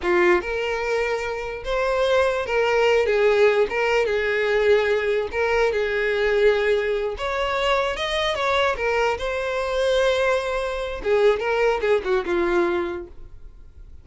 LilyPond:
\new Staff \with { instrumentName = "violin" } { \time 4/4 \tempo 4 = 147 f'4 ais'2. | c''2 ais'4. gis'8~ | gis'4 ais'4 gis'2~ | gis'4 ais'4 gis'2~ |
gis'4. cis''2 dis''8~ | dis''8 cis''4 ais'4 c''4.~ | c''2. gis'4 | ais'4 gis'8 fis'8 f'2 | }